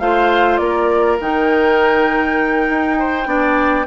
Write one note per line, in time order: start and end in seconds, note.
0.00 0.59 A3
0.00 1.19 F4
0.00 0.60 C5
0.00 0.57 F5
0.57 1.18 A#3
0.57 2.98 A#4
0.57 1.16 D5
1.19 2.68 D#3
1.19 3.25 D#4
1.19 3.86 G5
2.69 3.26 D#4
2.98 3.27 C5
3.25 3.85 B3
3.25 3.85 D4
3.25 3.86 D5